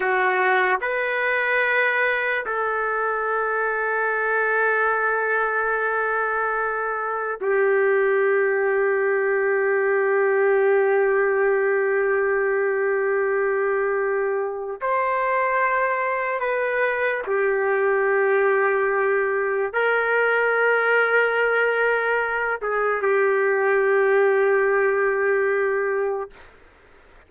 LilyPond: \new Staff \with { instrumentName = "trumpet" } { \time 4/4 \tempo 4 = 73 fis'4 b'2 a'4~ | a'1~ | a'4 g'2.~ | g'1~ |
g'2 c''2 | b'4 g'2. | ais'2.~ ais'8 gis'8 | g'1 | }